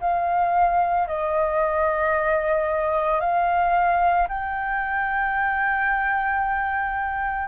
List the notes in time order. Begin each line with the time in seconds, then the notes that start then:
0.00 F5
1.07 D#5
3.20 F5
4.29 G5